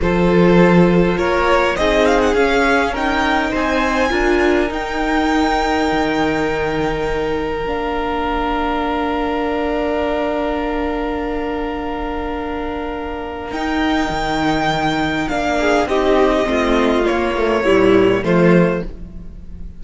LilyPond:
<<
  \new Staff \with { instrumentName = "violin" } { \time 4/4 \tempo 4 = 102 c''2 cis''4 dis''8 f''16 fis''16 | f''4 g''4 gis''2 | g''1~ | g''4 f''2.~ |
f''1~ | f''2. g''4~ | g''2 f''4 dis''4~ | dis''4 cis''2 c''4 | }
  \new Staff \with { instrumentName = "violin" } { \time 4/4 a'2 ais'4 gis'4~ | gis'4 ais'4 c''4 ais'4~ | ais'1~ | ais'1~ |
ais'1~ | ais'1~ | ais'2~ ais'8 gis'8 g'4 | f'2 e'4 f'4 | }
  \new Staff \with { instrumentName = "viola" } { \time 4/4 f'2. dis'4 | cis'4 dis'2 f'4 | dis'1~ | dis'4 d'2.~ |
d'1~ | d'2. dis'4~ | dis'2 d'4 dis'4 | c'4 ais8 a8 g4 a4 | }
  \new Staff \with { instrumentName = "cello" } { \time 4/4 f2 ais4 c'4 | cis'2 c'4 d'4 | dis'2 dis2~ | dis4 ais2.~ |
ais1~ | ais2. dis'4 | dis2 ais4 c'4 | a4 ais4 ais,4 f4 | }
>>